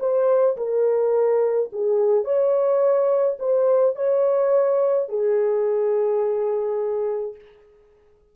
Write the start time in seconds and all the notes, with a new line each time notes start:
0.00 C5
0.57 A#4
1.72 G#4
2.25 C#5
3.39 C5
3.96 C#5
5.09 G#4